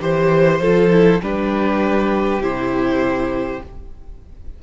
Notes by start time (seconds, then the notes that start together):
0.00 E3 G4 C5
0.60 F3 F4 A4
0.90 E4
1.22 G3 D4 G4 B4
2.39 C3 E4 C5